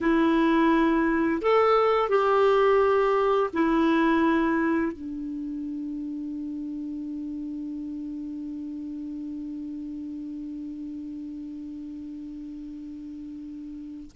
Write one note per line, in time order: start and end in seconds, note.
0.00 1.41 E4
1.41 2.09 A4
2.09 3.50 G4
3.53 4.92 E4
4.92 14.10 D4